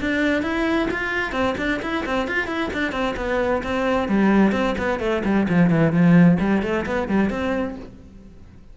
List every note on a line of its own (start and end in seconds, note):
0.00 0.42 D4
0.42 0.88 E4
0.91 1.32 F4
1.32 1.55 C4
1.57 1.80 D4
1.82 2.04 E4
2.05 2.27 C4
2.27 2.47 F4
2.47 2.70 E4
2.73 2.92 D4
2.92 3.15 C4
3.16 3.62 B3
3.63 4.08 C4
4.08 4.52 G3
4.52 4.75 C4
4.78 4.99 B3
4.99 5.22 A3
5.24 5.47 G3
5.48 5.70 F3
5.70 5.92 E3
5.92 6.38 F3
6.39 6.62 G3
6.62 6.85 A3
6.86 7.08 B3
7.08 7.29 G3
7.29 7.75 C4